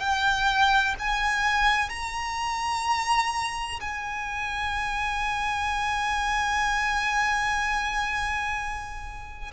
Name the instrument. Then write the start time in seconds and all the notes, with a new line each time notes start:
violin
0.00 G5
1.00 G#5
1.90 A#5
3.81 G#5